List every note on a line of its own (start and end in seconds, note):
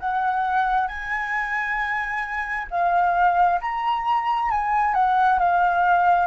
0.00 0.88 F#5
0.88 2.67 G#5
2.71 3.61 F5
3.61 4.51 A#5
4.51 4.95 G#5
4.95 5.39 F#5
5.40 6.27 F5